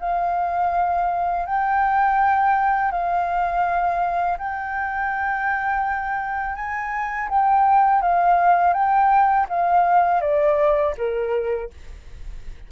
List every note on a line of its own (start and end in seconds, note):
0.00 1.46 F5
1.46 2.91 G5
2.91 4.38 F5
4.38 6.56 G5
6.56 7.29 G#5
7.29 8.02 G5
8.02 8.74 F5
8.74 9.47 G5
9.49 10.21 F5
10.21 10.95 D5
10.98 11.71 A#4